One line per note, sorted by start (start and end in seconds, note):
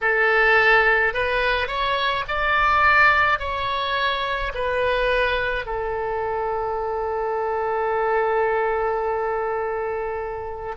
0.01 1.13 A4
1.13 1.67 B4
1.67 2.24 C#5
2.27 3.39 D5
3.39 4.52 C#5
4.54 5.65 B4
5.65 10.74 A4